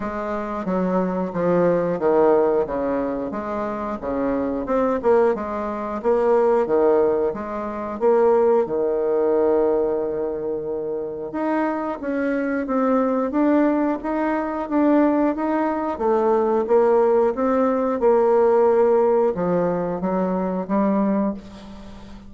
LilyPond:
\new Staff \with { instrumentName = "bassoon" } { \time 4/4 \tempo 4 = 90 gis4 fis4 f4 dis4 | cis4 gis4 cis4 c'8 ais8 | gis4 ais4 dis4 gis4 | ais4 dis2.~ |
dis4 dis'4 cis'4 c'4 | d'4 dis'4 d'4 dis'4 | a4 ais4 c'4 ais4~ | ais4 f4 fis4 g4 | }